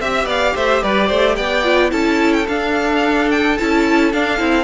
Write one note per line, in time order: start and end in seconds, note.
0.00 0.25 C4
0.00 1.63 G4
0.00 0.28 E5
0.00 0.25 E5
0.25 0.52 B3
0.25 0.53 D5
0.25 0.56 F5
0.55 0.82 A3
0.55 0.82 C5
0.55 0.83 E5
0.82 1.10 G3
0.82 1.07 B4
0.82 1.35 D5
1.07 1.37 A3
1.07 1.35 C5
1.35 1.91 B3
1.35 1.90 D5
1.35 1.90 G5
1.63 1.89 F4
1.89 2.46 C#4
1.89 2.44 E4
1.89 4.63 A4
1.89 2.33 A5
2.33 2.46 G5
2.47 3.58 D4
2.47 3.30 F5
3.30 3.57 G5
3.57 4.13 C#4
3.57 4.12 E4
3.57 4.12 A5
4.12 4.37 D4
4.12 4.39 D4
4.12 4.63 F5
4.37 4.63 C4
4.37 4.63 E4